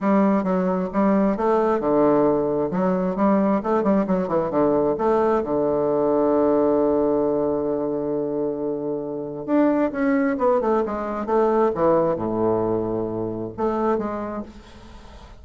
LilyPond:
\new Staff \with { instrumentName = "bassoon" } { \time 4/4 \tempo 4 = 133 g4 fis4 g4 a4 | d2 fis4 g4 | a8 g8 fis8 e8 d4 a4 | d1~ |
d1~ | d4 d'4 cis'4 b8 a8 | gis4 a4 e4 a,4~ | a,2 a4 gis4 | }